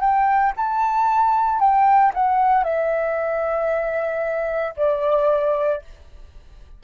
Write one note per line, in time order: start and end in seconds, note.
0.00 0.53 G5
0.56 1.60 A5
1.60 2.12 G5
2.14 2.64 F#5
2.64 4.74 E5
4.77 5.82 D5